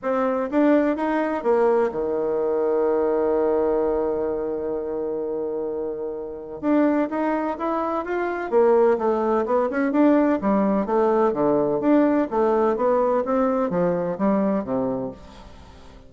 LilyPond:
\new Staff \with { instrumentName = "bassoon" } { \time 4/4 \tempo 4 = 127 c'4 d'4 dis'4 ais4 | dis1~ | dis1~ | dis2 d'4 dis'4 |
e'4 f'4 ais4 a4 | b8 cis'8 d'4 g4 a4 | d4 d'4 a4 b4 | c'4 f4 g4 c4 | }